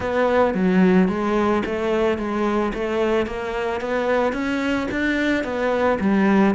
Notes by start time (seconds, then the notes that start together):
0.00 B3
0.54 F#3
1.08 G#3
1.65 A3
2.17 G#3
2.73 A3
3.26 A#3
3.80 B3
4.32 C#4
4.91 D4
5.43 B3
6.00 G3